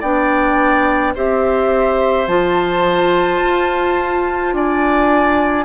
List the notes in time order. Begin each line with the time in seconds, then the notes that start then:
0.00 B3 D4 D5 G5
1.15 C4 G4 C5 E5
2.27 F3 F4 A5
3.43 F4
4.53 D4 D5 G#5